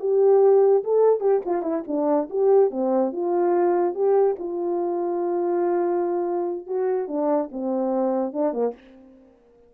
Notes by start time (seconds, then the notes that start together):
0.00 G4
0.84 A4
1.20 G4
1.45 F4
1.62 E4
1.87 D4
2.30 G4
2.71 C4
3.12 F4
3.95 G4
4.39 F4
6.67 F#4
7.08 D4
7.51 C4
8.33 D4
8.53 A#3